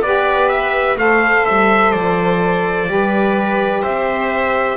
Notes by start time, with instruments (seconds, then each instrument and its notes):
0.00 double bass B3, saxophone G4, viola B4, trumpet D5
0.49 trumpet E5
0.95 double bass A3, saxophone A4, viola C5, trumpet F5
1.45 double bass G3, trumpet E5
1.92 double bass F3, trumpet D5
2.88 double bass G3, saxophone G4, viola B4
3.82 double bass C4, viola C5, trumpet E5